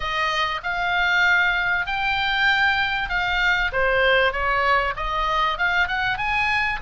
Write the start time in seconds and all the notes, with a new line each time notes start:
0.00 D#5
0.63 F5
1.86 G5
3.09 F5
3.72 C5
4.32 C#5
4.96 D#5
5.58 F5
5.87 F#5
6.17 G#5